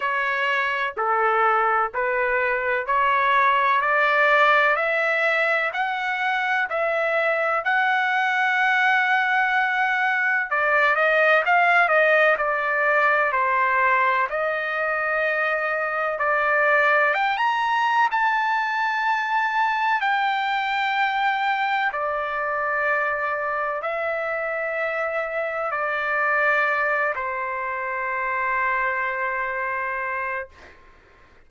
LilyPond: \new Staff \with { instrumentName = "trumpet" } { \time 4/4 \tempo 4 = 63 cis''4 a'4 b'4 cis''4 | d''4 e''4 fis''4 e''4 | fis''2. d''8 dis''8 | f''8 dis''8 d''4 c''4 dis''4~ |
dis''4 d''4 g''16 ais''8. a''4~ | a''4 g''2 d''4~ | d''4 e''2 d''4~ | d''8 c''2.~ c''8 | }